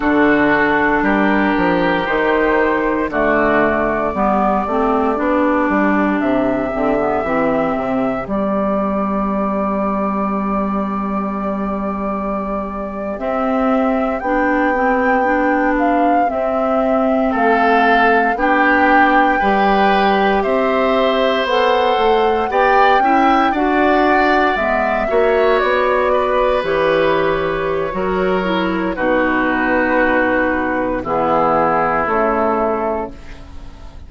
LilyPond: <<
  \new Staff \with { instrumentName = "flute" } { \time 4/4 \tempo 4 = 58 a'4 ais'4 c''4 d''4~ | d''2 e''2 | d''1~ | d''8. e''4 g''4. f''8 e''16~ |
e''8. f''4 g''2 e''16~ | e''8. fis''4 g''4 fis''4 e''16~ | e''8. d''4 cis''2~ cis''16 | b'2 gis'4 a'4 | }
  \new Staff \with { instrumentName = "oboe" } { \time 4/4 fis'4 g'2 fis'4 | g'1~ | g'1~ | g'1~ |
g'8. a'4 g'4 b'4 c''16~ | c''4.~ c''16 d''8 e''8 d''4~ d''16~ | d''16 cis''4 b'4.~ b'16 ais'4 | fis'2 e'2 | }
  \new Staff \with { instrumentName = "clarinet" } { \time 4/4 d'2 dis'4 a4 | b8 c'8 d'4. c'16 b16 c'4 | b1~ | b8. c'4 d'8 c'8 d'4 c'16~ |
c'4.~ c'16 d'4 g'4~ g'16~ | g'8. a'4 g'8 e'8 fis'4 b16~ | b16 fis'4. g'4~ g'16 fis'8 e'8 | dis'2 b4 a4 | }
  \new Staff \with { instrumentName = "bassoon" } { \time 4/4 d4 g8 f8 dis4 d4 | g8 a8 b8 g8 c8 d8 e8 c8 | g1~ | g8. c'4 b2 c'16~ |
c'8. a4 b4 g4 c'16~ | c'8. b8 a8 b8 cis'8 d'4 gis16~ | gis16 ais8 b4 e4~ e16 fis4 | b,2 e4 cis4 | }
>>